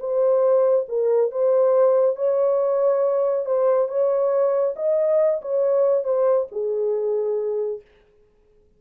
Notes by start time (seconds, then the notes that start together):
0.00 C5
0.89 A#4
1.32 C5
2.16 C#5
3.46 C5
3.89 C#5
4.77 D#5
5.42 C#5
6.05 C5
6.52 G#4